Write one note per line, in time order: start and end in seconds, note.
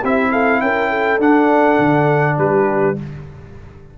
0.00 0.61 C4
0.00 1.19 E4
0.00 0.29 G4
0.00 0.31 E5
0.31 0.61 A4
0.31 0.60 F5
0.60 1.19 C#4
0.60 0.89 A#4
0.60 1.19 G5
0.89 2.36 A4
1.19 1.78 D4
1.19 2.96 D4
1.19 2.38 F#5
1.79 2.38 D3
2.38 2.96 G3
2.38 2.98 G4
2.38 2.97 B4